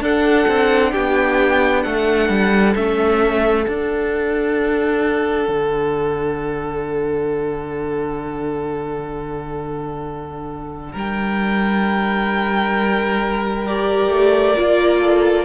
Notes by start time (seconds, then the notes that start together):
0.00 D4 A4 F#5
0.48 C4
0.92 B3 G4 G5
1.82 A3 A4 F#5
2.29 G3
2.75 A3 C#4 E5
3.64 D4 F#5
5.48 D3
10.92 G3 A#4 G5
13.66 G4 D5
14.09 A3
14.56 A#3 F4
15.00 A4